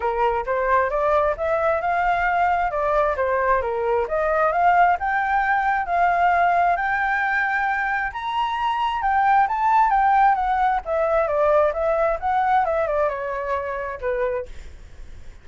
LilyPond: \new Staff \with { instrumentName = "flute" } { \time 4/4 \tempo 4 = 133 ais'4 c''4 d''4 e''4 | f''2 d''4 c''4 | ais'4 dis''4 f''4 g''4~ | g''4 f''2 g''4~ |
g''2 ais''2 | g''4 a''4 g''4 fis''4 | e''4 d''4 e''4 fis''4 | e''8 d''8 cis''2 b'4 | }